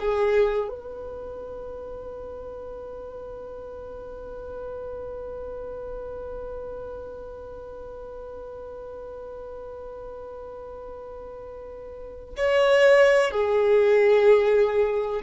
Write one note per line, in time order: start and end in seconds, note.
0.00 0.69 G#4
0.69 12.35 B4
12.37 13.31 C#5
13.31 15.22 G#4